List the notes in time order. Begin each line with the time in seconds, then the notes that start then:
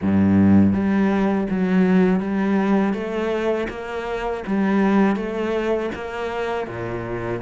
0.01 G2
0.73 G3
1.49 F#3
2.20 G3
2.93 A3
3.69 A#3
4.46 G3
5.15 A3
5.95 A#3
6.67 A#2